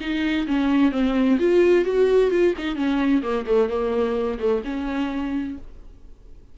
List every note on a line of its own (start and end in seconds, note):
0.00 0.47 D#4
0.47 0.91 C#4
0.91 1.38 C4
1.39 1.85 F4
1.85 2.30 F#4
2.30 2.54 F4
2.58 2.75 D#4
2.75 3.22 C#4
3.22 3.45 A#3
3.46 3.69 A3
3.69 4.39 A#3
4.39 4.62 A3
4.64 5.57 C#4